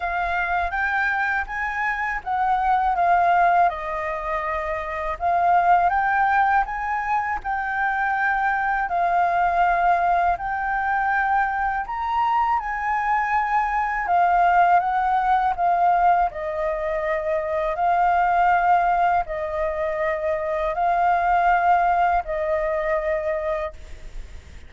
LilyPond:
\new Staff \with { instrumentName = "flute" } { \time 4/4 \tempo 4 = 81 f''4 g''4 gis''4 fis''4 | f''4 dis''2 f''4 | g''4 gis''4 g''2 | f''2 g''2 |
ais''4 gis''2 f''4 | fis''4 f''4 dis''2 | f''2 dis''2 | f''2 dis''2 | }